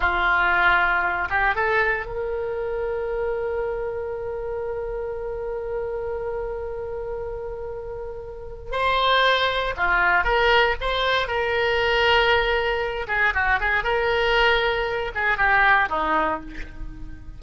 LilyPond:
\new Staff \with { instrumentName = "oboe" } { \time 4/4 \tempo 4 = 117 f'2~ f'8 g'8 a'4 | ais'1~ | ais'1~ | ais'1~ |
ais'4 c''2 f'4 | ais'4 c''4 ais'2~ | ais'4. gis'8 fis'8 gis'8 ais'4~ | ais'4. gis'8 g'4 dis'4 | }